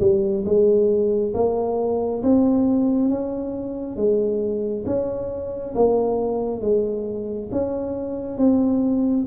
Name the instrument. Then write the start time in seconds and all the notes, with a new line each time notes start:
tuba
0.00 G3
0.45 G#3
1.34 A#3
2.23 C4
3.09 C#4
3.96 G#3
4.86 C#4
5.74 A#3
6.61 G#3
7.52 C#4
8.37 C4